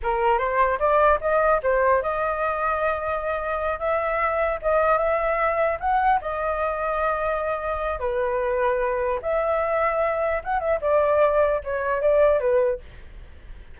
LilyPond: \new Staff \with { instrumentName = "flute" } { \time 4/4 \tempo 4 = 150 ais'4 c''4 d''4 dis''4 | c''4 dis''2.~ | dis''4. e''2 dis''8~ | dis''8 e''2 fis''4 dis''8~ |
dis''1 | b'2. e''4~ | e''2 fis''8 e''8 d''4~ | d''4 cis''4 d''4 b'4 | }